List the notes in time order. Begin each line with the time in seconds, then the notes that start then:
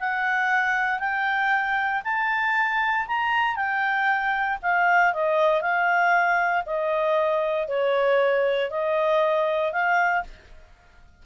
0.00 F#5
1.00 G5
2.04 A5
3.07 A#5
3.56 G5
4.62 F5
5.13 D#5
5.62 F5
6.66 D#5
7.68 C#5
8.70 D#5
9.72 F5